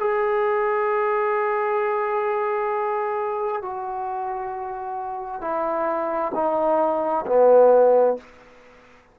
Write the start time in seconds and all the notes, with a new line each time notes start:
0.00 G#4
3.62 F#4
5.41 E4
6.35 D#4
7.26 B3